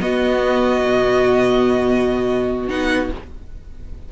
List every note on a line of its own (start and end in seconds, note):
0.00 2.68 B3
0.00 0.84 B3
0.00 3.11 F#4
0.00 2.68 D#5
0.85 2.69 B2
2.68 3.10 B3
2.68 3.09 D#4
2.68 3.10 F#5